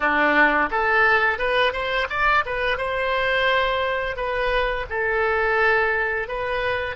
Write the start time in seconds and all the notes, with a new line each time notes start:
0.00 D4
0.70 A4
1.38 B4
1.72 C5
2.09 D5
2.45 B4
2.77 C5
4.16 B4
4.89 A4
6.28 B4